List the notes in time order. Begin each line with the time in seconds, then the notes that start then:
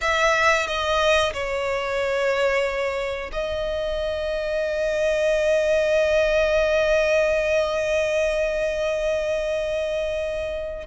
0.01 E5
0.67 D#5
1.33 C#5
3.32 D#5